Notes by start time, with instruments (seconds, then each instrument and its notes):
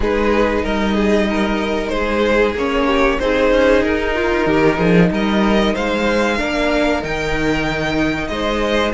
0.00 cello G#3, viola D#4, violin G#4 B4
0.62 cello G3, violin A#4 D#5
0.94 violin G#4
1.29 violin A#4
1.88 cello G#3, violin G#4 C5
2.55 cello A#3, viola C#4, violin C#5
2.87 violin G4
3.19 cello C4, viola D#4, violin G#4 C5
3.51 cello C#4
3.82 cello D#4, violin A#4
4.15 violin F4
4.46 cello D#3, violin G4
4.77 cello F3, violin G#4
5.11 cello G3, violin A#4 D#5
5.73 cello G#3, violin C5 F5
6.36 cello A#3, viola D4, violin A#4
7.01 cello D#3, viola D#4, violin G5
8.27 cello G#3, violin C5 D#5